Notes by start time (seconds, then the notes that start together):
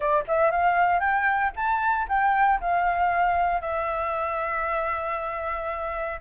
0.00 D5
0.27 E5
0.51 F5
1.00 G5
1.55 A5
2.08 G5
2.60 F5
3.61 E5